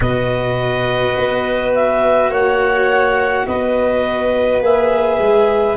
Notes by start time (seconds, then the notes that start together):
0.00 B2 F#4 B4 D#5
1.16 B3
1.74 E5
2.29 A#3 C#5 F#5
3.46 B3 B4 D#5
4.60 A#3 G#4 E5
5.18 G#3